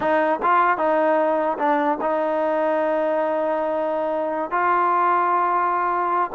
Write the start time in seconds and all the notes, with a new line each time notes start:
0.00 D#4
0.42 F4
0.77 D#4
1.58 D4
2.01 D#4
4.50 F4